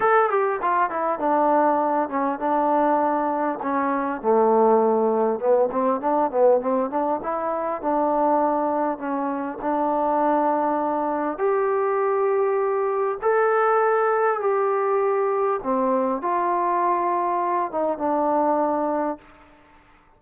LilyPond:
\new Staff \with { instrumentName = "trombone" } { \time 4/4 \tempo 4 = 100 a'8 g'8 f'8 e'8 d'4. cis'8 | d'2 cis'4 a4~ | a4 b8 c'8 d'8 b8 c'8 d'8 | e'4 d'2 cis'4 |
d'2. g'4~ | g'2 a'2 | g'2 c'4 f'4~ | f'4. dis'8 d'2 | }